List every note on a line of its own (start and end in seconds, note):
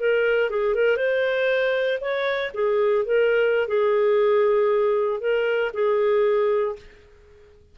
0.00 0.50 A#4
0.50 0.75 G#4
0.75 0.97 A#4
0.97 1.99 C5
2.01 2.52 C#5
2.54 3.05 G#4
3.05 3.68 A#4
3.68 5.20 G#4
5.20 5.72 A#4
5.74 6.76 G#4